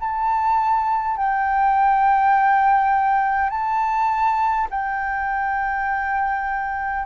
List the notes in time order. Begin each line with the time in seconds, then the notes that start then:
0.00 A5
1.17 G5
3.50 A5
4.70 G5